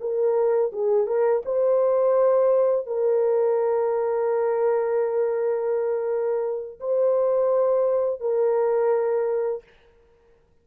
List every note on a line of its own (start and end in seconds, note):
0.00 0.71 A#4
0.72 1.06 G#4
1.06 1.42 A#4
1.45 2.86 C5
2.86 6.79 A#4
6.80 8.20 C5
8.20 9.63 A#4